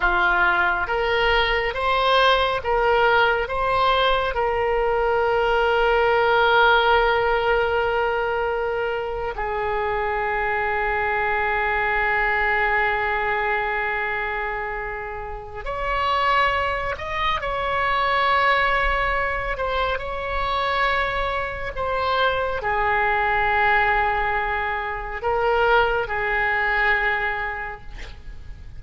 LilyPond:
\new Staff \with { instrumentName = "oboe" } { \time 4/4 \tempo 4 = 69 f'4 ais'4 c''4 ais'4 | c''4 ais'2.~ | ais'2~ ais'8. gis'4~ gis'16~ | gis'1~ |
gis'2 cis''4. dis''8 | cis''2~ cis''8 c''8 cis''4~ | cis''4 c''4 gis'2~ | gis'4 ais'4 gis'2 | }